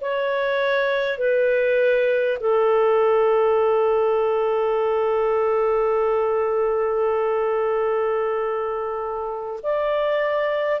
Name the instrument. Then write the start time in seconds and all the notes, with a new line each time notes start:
clarinet
0.00 C#5
1.18 B4
2.40 A4
9.63 D5